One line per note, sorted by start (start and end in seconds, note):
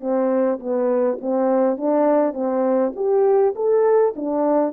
0.00 0.59 C4
0.59 1.18 B3
1.21 1.77 C4
1.77 2.33 D4
2.33 2.92 C4
2.95 3.54 G4
3.55 4.14 A4
4.16 4.72 D4